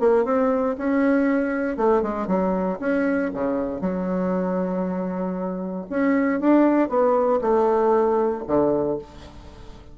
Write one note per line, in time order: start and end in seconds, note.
0.00 0.25 A#3
0.25 0.76 C4
0.78 1.77 C#4
1.77 2.02 A3
2.02 2.28 G#3
2.28 2.79 F#3
2.80 3.31 C#4
3.34 3.81 C#3
3.81 5.86 F#3
5.90 6.41 C#4
6.41 6.89 D4
6.89 7.41 B3
7.42 8.44 A3
8.47 8.99 D3